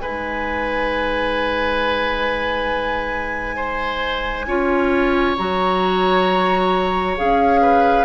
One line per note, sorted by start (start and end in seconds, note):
0.00 4.47 G#3
0.00 4.48 D#4
0.00 3.57 B4
0.00 5.37 G#5
3.57 4.46 C5
4.47 5.37 C#4
4.47 5.37 F4
4.47 7.61 C#5
5.38 7.18 F#3
5.38 7.18 F#4
5.38 7.17 A#5
7.18 8.05 C#4
7.18 8.05 G#4
7.18 8.05 F5
7.62 8.05 B4